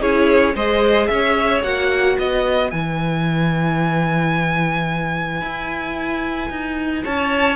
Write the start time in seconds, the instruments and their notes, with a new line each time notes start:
0.00 cello C#4, viola E4, violin G#4 C#5
0.55 cello G#3, viola G#4, violin C5 D#5
1.07 cello C#4, violin C#5 E5
1.63 cello A#3, viola F#4, violin F#5
2.18 cello B3, violin B4 D#5
2.71 cello E3, viola E4, violin G#5
5.41 cello E4
6.50 cello D#4
7.04 cello C#4, violin C#5 A5